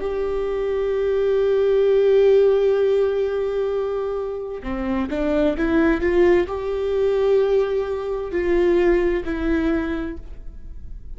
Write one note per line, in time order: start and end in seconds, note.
0.00 4.62 G4
4.62 5.09 C4
5.10 5.56 D4
5.57 6.00 E4
6.00 6.47 F4
6.47 8.31 G4
8.31 9.23 F4
9.24 10.17 E4